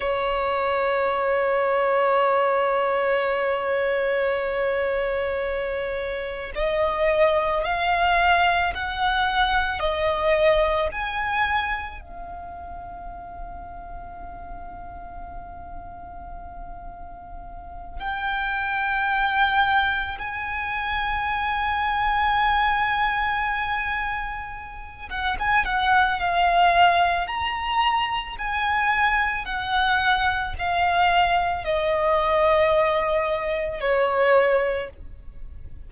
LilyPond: \new Staff \with { instrumentName = "violin" } { \time 4/4 \tempo 4 = 55 cis''1~ | cis''2 dis''4 f''4 | fis''4 dis''4 gis''4 f''4~ | f''1~ |
f''8 g''2 gis''4.~ | gis''2. fis''16 gis''16 fis''8 | f''4 ais''4 gis''4 fis''4 | f''4 dis''2 cis''4 | }